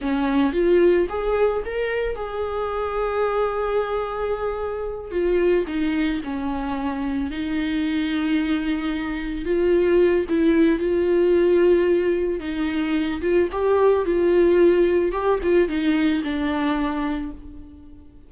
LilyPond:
\new Staff \with { instrumentName = "viola" } { \time 4/4 \tempo 4 = 111 cis'4 f'4 gis'4 ais'4 | gis'1~ | gis'4. f'4 dis'4 cis'8~ | cis'4. dis'2~ dis'8~ |
dis'4. f'4. e'4 | f'2. dis'4~ | dis'8 f'8 g'4 f'2 | g'8 f'8 dis'4 d'2 | }